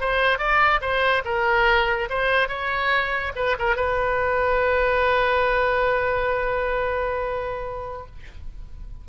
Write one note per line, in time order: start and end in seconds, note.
0.00 0.38 C5
0.38 0.80 D5
0.81 1.23 C5
1.25 2.08 A#4
2.09 2.48 C5
2.48 3.32 C#5
3.35 3.56 B4
3.59 3.76 A#4
3.76 8.06 B4